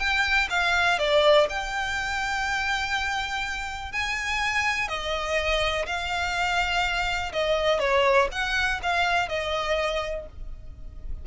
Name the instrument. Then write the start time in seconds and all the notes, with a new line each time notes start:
violin
0.00 G5
0.50 F5
0.99 D5
1.50 G5
3.93 G#5
4.88 D#5
5.86 F5
7.33 D#5
7.80 C#5
8.32 F#5
8.83 F5
9.29 D#5